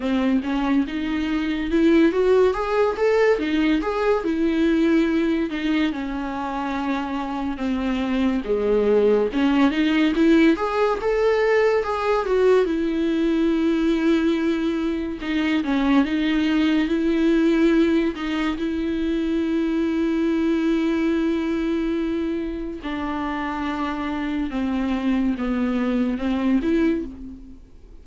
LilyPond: \new Staff \with { instrumentName = "viola" } { \time 4/4 \tempo 4 = 71 c'8 cis'8 dis'4 e'8 fis'8 gis'8 a'8 | dis'8 gis'8 e'4. dis'8 cis'4~ | cis'4 c'4 gis4 cis'8 dis'8 | e'8 gis'8 a'4 gis'8 fis'8 e'4~ |
e'2 dis'8 cis'8 dis'4 | e'4. dis'8 e'2~ | e'2. d'4~ | d'4 c'4 b4 c'8 e'8 | }